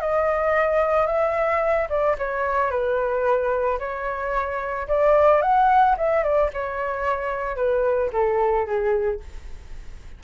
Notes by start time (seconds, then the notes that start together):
0.00 D#5
1.06 E5
1.89 D5
2.18 C#5
2.71 B4
3.79 C#5
4.87 D5
5.42 F#5
5.97 E5
6.23 D5
6.53 C#5
7.56 B4
8.12 A4
8.66 G#4